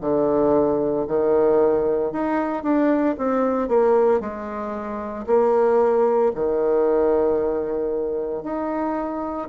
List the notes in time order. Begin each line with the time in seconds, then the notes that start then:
0.00 D3
1.07 D#3
2.12 D#4
2.63 D4
3.17 C4
3.68 A#3
4.20 G#3
5.26 A#3
6.34 D#3
8.43 D#4